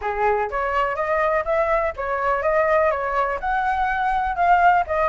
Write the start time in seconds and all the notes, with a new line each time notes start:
0.01 G#4
0.50 C#5
0.95 D#5
1.45 E5
1.96 C#5
2.42 D#5
2.90 C#5
3.40 F#5
4.35 F5
4.87 D#5